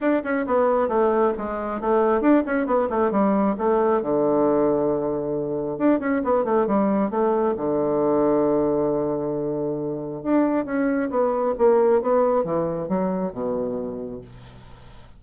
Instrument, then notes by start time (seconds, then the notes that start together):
bassoon
0.00 D4
0.23 C#4
0.46 B3
0.88 A3
1.37 G#3
1.80 A3
2.21 D4
2.45 C#4
2.66 B3
2.89 A3
3.11 G3
3.58 A3
4.02 D3
5.78 D4
5.99 C#4
6.24 B3
6.44 A3
6.67 G3
7.10 A3
7.57 D3
10.23 D4
10.65 C#4
11.10 B3
11.57 A#3
12.01 B3
12.44 E3
12.88 F#3
13.32 B2